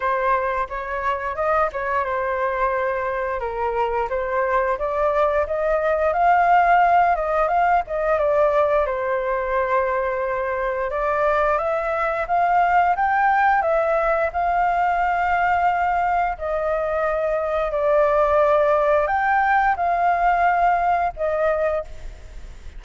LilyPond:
\new Staff \with { instrumentName = "flute" } { \time 4/4 \tempo 4 = 88 c''4 cis''4 dis''8 cis''8 c''4~ | c''4 ais'4 c''4 d''4 | dis''4 f''4. dis''8 f''8 dis''8 | d''4 c''2. |
d''4 e''4 f''4 g''4 | e''4 f''2. | dis''2 d''2 | g''4 f''2 dis''4 | }